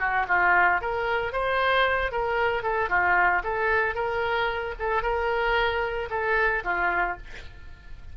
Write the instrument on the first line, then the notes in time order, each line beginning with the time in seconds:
oboe
0.00 F#4
0.28 F4
0.81 A#4
1.33 C5
2.12 A#4
2.63 A4
2.90 F4
3.44 A4
3.95 A#4
4.80 A4
5.03 A#4
6.10 A4
6.64 F4